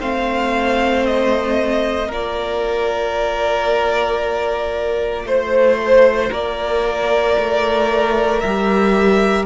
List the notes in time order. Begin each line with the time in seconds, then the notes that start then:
0.00 A3 C4 C5 F5
1.06 D#5
2.07 A#3 F4 A#4 D5
5.25 A3 C5
6.30 A#3 A#4 D5
7.38 A3
8.40 G3 G4 E5